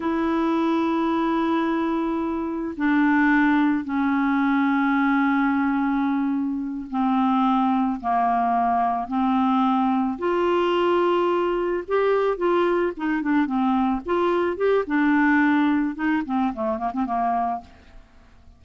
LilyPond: \new Staff \with { instrumentName = "clarinet" } { \time 4/4 \tempo 4 = 109 e'1~ | e'4 d'2 cis'4~ | cis'1~ | cis'8 c'2 ais4.~ |
ais8 c'2 f'4.~ | f'4. g'4 f'4 dis'8 | d'8 c'4 f'4 g'8 d'4~ | d'4 dis'8 c'8 a8 ais16 c'16 ais4 | }